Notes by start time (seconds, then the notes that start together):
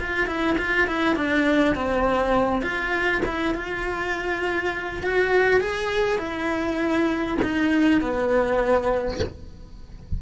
0.00 F4
0.27 E4
0.58 F4
0.87 E4
1.16 D4
1.75 C4
2.62 F4
3.26 E4
3.55 F4
5.03 F#4
5.61 G#4
6.19 E4
7.42 D#4
8.01 B3